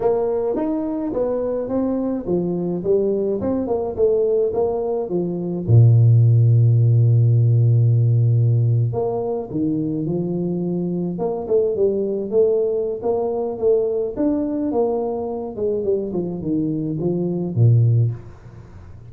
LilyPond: \new Staff \with { instrumentName = "tuba" } { \time 4/4 \tempo 4 = 106 ais4 dis'4 b4 c'4 | f4 g4 c'8 ais8 a4 | ais4 f4 ais,2~ | ais,2.~ ais,8. ais16~ |
ais8. dis4 f2 ais16~ | ais16 a8 g4 a4~ a16 ais4 | a4 d'4 ais4. gis8 | g8 f8 dis4 f4 ais,4 | }